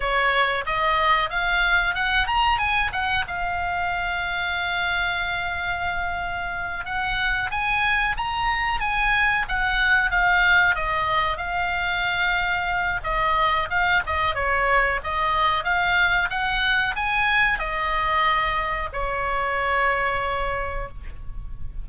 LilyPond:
\new Staff \with { instrumentName = "oboe" } { \time 4/4 \tempo 4 = 92 cis''4 dis''4 f''4 fis''8 ais''8 | gis''8 fis''8 f''2.~ | f''2~ f''8 fis''4 gis''8~ | gis''8 ais''4 gis''4 fis''4 f''8~ |
f''8 dis''4 f''2~ f''8 | dis''4 f''8 dis''8 cis''4 dis''4 | f''4 fis''4 gis''4 dis''4~ | dis''4 cis''2. | }